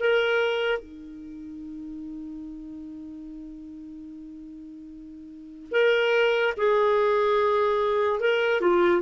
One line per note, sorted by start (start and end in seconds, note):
0.00 0.79 A#4
0.79 5.72 D#4
5.72 6.54 A#4
6.58 8.20 G#4
8.20 8.61 A#4
8.61 9.02 F4